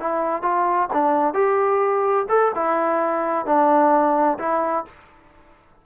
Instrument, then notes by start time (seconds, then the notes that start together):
trombone
0.00 E4
0.43 F4
0.93 D4
1.34 G4
2.29 A4
2.55 E4
3.46 D4
4.39 E4